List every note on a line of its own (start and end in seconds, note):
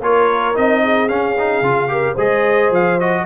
0.00 0.54 A#3
0.00 0.54 F4
0.00 0.81 A#4
0.00 0.56 C#5
0.54 1.10 C4
0.54 1.08 D#4
0.54 1.09 D#5
0.83 1.91 G#4
1.09 1.36 C#4
1.09 1.61 C#4
1.09 2.17 F5
1.38 1.64 D#4
1.61 2.15 C#3
1.61 1.88 F4
1.88 2.15 G4
1.88 2.14 A#4
2.14 2.70 G#3
2.14 2.99 G#4
2.14 3.22 C5
2.14 2.73 D#5
2.70 3.25 F3
2.70 3.00 F5
3.00 3.25 F#4
3.00 3.25 D#5